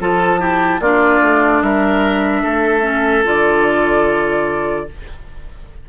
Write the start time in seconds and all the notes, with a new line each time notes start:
0.00 F3 F4 A4 A5
0.39 E4 G4
0.80 A#3 D4 F4 D5
1.22 A3
1.62 G3 A#4 E5
2.43 A3 A4
2.82 C#4
3.25 D3 F4 D5